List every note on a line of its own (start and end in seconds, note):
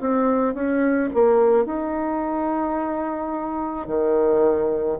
0.00 0.55 C4
0.55 1.10 C#4
1.14 1.66 A#3
1.66 3.87 D#4
3.87 4.98 D#3